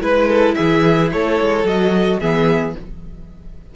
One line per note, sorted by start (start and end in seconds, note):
0.00 0.55 G#3
0.00 1.64 E4
0.00 0.28 B4
0.00 0.54 B4
0.28 0.55 A4
0.54 1.13 E3
0.54 1.11 G#4
0.54 1.09 E5
1.12 1.40 A3
1.12 2.19 A4
1.12 1.66 C#5
1.41 1.63 G#3
1.63 2.18 F#3
1.63 2.21 F#4
1.63 2.19 D#5
2.19 2.75 E3
2.19 2.75 B3
2.19 2.74 G#4
2.19 2.74 E5